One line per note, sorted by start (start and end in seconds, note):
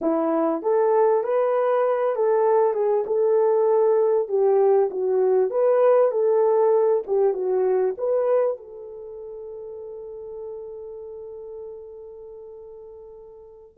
0.01 0.62 E4
0.62 1.23 A4
1.23 2.15 B4
2.15 2.73 A4
2.73 3.04 G#4
3.06 4.28 A4
4.28 4.89 G4
4.90 5.50 F#4
5.50 6.11 B4
6.11 7.03 A4
7.06 7.33 G4
7.33 7.95 F#4
7.97 8.57 B4
8.57 13.77 A4